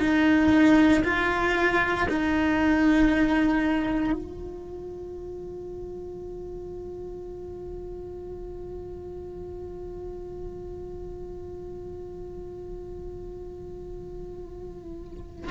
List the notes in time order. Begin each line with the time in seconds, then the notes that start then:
0.00 D#4
1.04 F4
2.09 D#4
4.12 F4